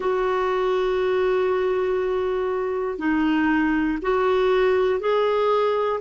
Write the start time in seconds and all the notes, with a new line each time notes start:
0.00 F#4
2.98 D#4
4.02 F#4
5.00 G#4